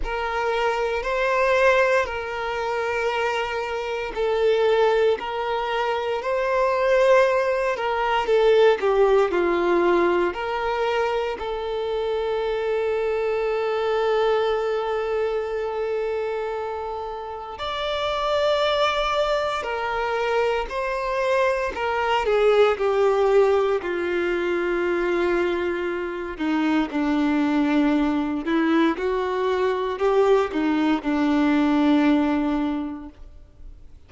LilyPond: \new Staff \with { instrumentName = "violin" } { \time 4/4 \tempo 4 = 58 ais'4 c''4 ais'2 | a'4 ais'4 c''4. ais'8 | a'8 g'8 f'4 ais'4 a'4~ | a'1~ |
a'4 d''2 ais'4 | c''4 ais'8 gis'8 g'4 f'4~ | f'4. dis'8 d'4. e'8 | fis'4 g'8 dis'8 d'2 | }